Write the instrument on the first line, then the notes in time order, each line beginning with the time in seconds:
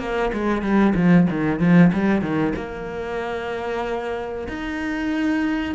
cello
0.00 A#3
0.33 G#3
0.62 G3
0.96 F3
1.31 D#3
1.60 F3
1.93 G3
2.22 D#3
2.56 A#3
4.49 D#4